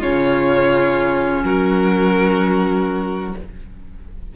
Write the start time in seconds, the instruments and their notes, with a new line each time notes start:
0.00 cello C#3, clarinet C#4, violin F4 C#5
1.43 cello F#3, violin F#4 A#4